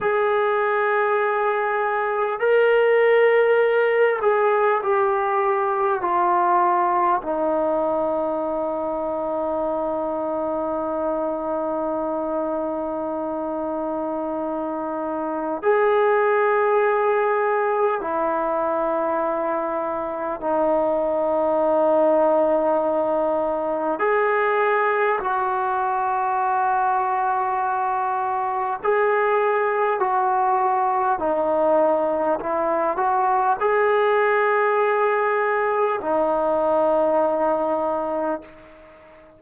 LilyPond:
\new Staff \with { instrumentName = "trombone" } { \time 4/4 \tempo 4 = 50 gis'2 ais'4. gis'8 | g'4 f'4 dis'2~ | dis'1~ | dis'4 gis'2 e'4~ |
e'4 dis'2. | gis'4 fis'2. | gis'4 fis'4 dis'4 e'8 fis'8 | gis'2 dis'2 | }